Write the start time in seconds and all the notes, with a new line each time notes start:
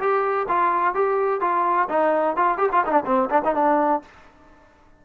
0.00 G4
0.49 F4
0.94 G4
1.41 F4
1.89 D#4
2.37 F4
2.58 G4
2.72 F4
2.86 D4 D#4
3.06 C4
3.30 D4
3.44 D#4
3.55 D4